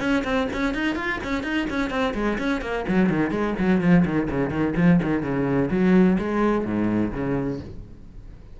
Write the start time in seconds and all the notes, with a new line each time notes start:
0.00 C#4
0.24 C4
0.53 C#4
0.74 D#4
0.96 F4
1.24 C#4
1.43 D#4
1.70 C#4
1.90 C4
2.14 G#3
2.38 C#4
2.62 A#3
2.88 F#3
3.10 D#3
3.31 G#3
3.59 F#3
3.81 F3
4.05 D#3
4.30 C#3
4.51 D#3
4.77 F3
5.03 D#3
5.23 C#3
5.71 F#3
6.19 G#3
6.65 G#2
7.13 C#3